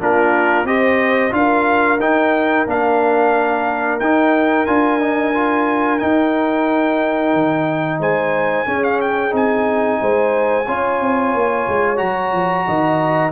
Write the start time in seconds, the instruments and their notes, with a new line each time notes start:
0.00 tuba A#3, trombone D4, horn F4, trumpet A#4
0.65 tuba C4, trombone G4, horn C5, trumpet D#5
1.31 tuba D4, trombone F4, horn A#4, trumpet F5
2.00 tuba D#4, trombone D#4, trumpet G5
2.68 tuba A#3, trombone D4, trumpet F5
4.00 tuba D#4, trombone D#4, trumpet G5
4.66 tuba D4, trombone F4, trumpet G#5
5.00 trombone D#4
5.35 trombone F4
5.99 trombone D#4, tuba D#4, trumpet G5
7.34 tuba D#3
8.00 tuba G#3, horn C5, trumpet G#5
8.66 trombone C#4, tuba C#4, horn G#4
8.84 trumpet F5
9.01 trumpet G5
9.31 tuba C4, trombone D#4, trumpet G#5
10.02 tuba G#3, horn C5
10.66 tuba C#4, trombone F4, horn C#5
11.01 tuba C4
11.35 tuba A#3
11.68 tuba G#3
11.97 tuba F#3, trombone F#4, trumpet A#5
12.33 tuba F3
12.67 tuba D#3, horn D#5